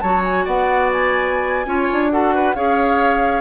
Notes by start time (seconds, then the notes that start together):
0.00 F#3 F#4 C#5 A5
0.24 G#5
0.45 B3 D5 F#5
0.93 G#5
1.66 C#4 F4 C#5
1.92 D4
2.10 F#4 A4 F#5
2.34 B4
2.55 C#4 G#4 C#5 F5